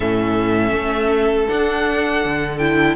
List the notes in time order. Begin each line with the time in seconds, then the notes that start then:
0.00 A2 C#4 A4 E5
0.73 A3
1.48 D4 F#5
2.25 D3
2.58 E4 G5